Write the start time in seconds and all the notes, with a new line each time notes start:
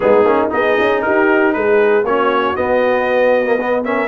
0.00 G#3 B3 D#4 G#4
0.24 A#3 C#4
0.49 B3 D#4 G#4 D#5
0.80 C#4
1.01 D#4 G4 A#4
1.53 G#3 G#4 B4
2.04 A#3 C#4 F#4 C#5
2.56 B3 D#5
3.45 A#3
3.59 B3 B4
3.84 C#4 A#4 E5